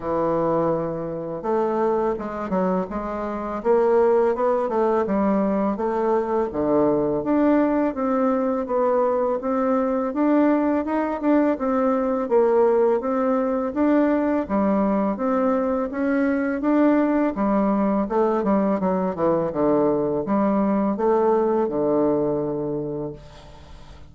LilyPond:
\new Staff \with { instrumentName = "bassoon" } { \time 4/4 \tempo 4 = 83 e2 a4 gis8 fis8 | gis4 ais4 b8 a8 g4 | a4 d4 d'4 c'4 | b4 c'4 d'4 dis'8 d'8 |
c'4 ais4 c'4 d'4 | g4 c'4 cis'4 d'4 | g4 a8 g8 fis8 e8 d4 | g4 a4 d2 | }